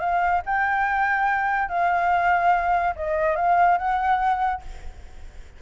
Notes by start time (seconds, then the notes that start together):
0.00 F5
0.46 G5
1.69 F5
2.96 D#5
3.36 F5
3.78 F#5